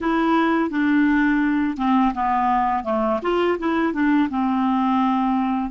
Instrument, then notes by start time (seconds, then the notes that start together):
clarinet
0.00 E4
0.69 D4
1.77 C4
2.14 B3
2.84 A3
3.22 F4
3.58 E4
3.93 D4
4.29 C4